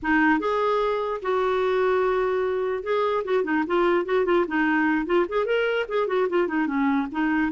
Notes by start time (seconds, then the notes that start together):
0.02 D#4
0.39 G#4
1.22 F#4
2.83 G#4
3.24 F#4
3.43 D#4
3.66 F4
4.05 F#4
4.25 F4
4.47 D#4
5.05 F4
5.29 G#4
5.45 A#4
5.88 G#4
6.07 F#4
6.29 F4
6.47 D#4
6.66 C#4
7.11 D#4